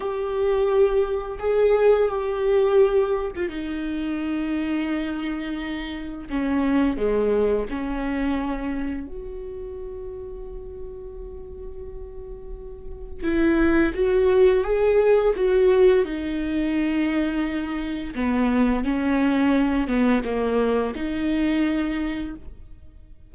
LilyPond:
\new Staff \with { instrumentName = "viola" } { \time 4/4 \tempo 4 = 86 g'2 gis'4 g'4~ | g'8. f'16 dis'2.~ | dis'4 cis'4 gis4 cis'4~ | cis'4 fis'2.~ |
fis'2. e'4 | fis'4 gis'4 fis'4 dis'4~ | dis'2 b4 cis'4~ | cis'8 b8 ais4 dis'2 | }